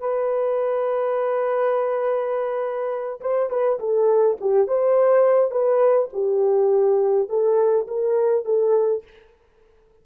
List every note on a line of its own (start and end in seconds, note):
0.00 3.20 B4
3.21 3.50 C5
3.50 3.79 B4
3.79 4.37 A4
4.41 4.68 G4
4.68 5.51 C5
5.51 6.09 B4
6.13 7.29 G4
7.29 7.87 A4
7.87 8.45 A#4
8.45 9.03 A4